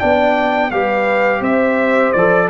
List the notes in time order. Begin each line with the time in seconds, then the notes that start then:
0.00 B3 D4 D5 G5
0.71 G3 G4 B4 F5
1.40 C4 C5 E5
2.13 F3 A4 D5